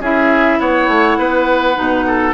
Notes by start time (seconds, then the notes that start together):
0.00 C#4 E4 G#4 E5
0.59 B3 C#5 F#5
0.88 A3
1.18 B3 B4
1.75 B2 D#4
2.07 A4